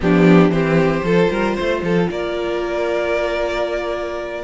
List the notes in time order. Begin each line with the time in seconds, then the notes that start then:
0.00 F3 B3 D4 G4
0.49 E3 C4 G4 C5
1.02 F3 F4 A4
1.30 G3 A#4
1.54 A3 C5
1.82 F3 A4
2.10 A#3 A#4 D5